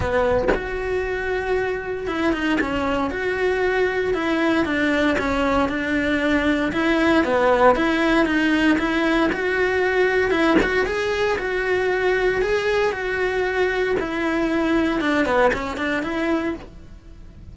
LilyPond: \new Staff \with { instrumentName = "cello" } { \time 4/4 \tempo 4 = 116 b4 fis'2. | e'8 dis'8 cis'4 fis'2 | e'4 d'4 cis'4 d'4~ | d'4 e'4 b4 e'4 |
dis'4 e'4 fis'2 | e'8 fis'8 gis'4 fis'2 | gis'4 fis'2 e'4~ | e'4 d'8 b8 cis'8 d'8 e'4 | }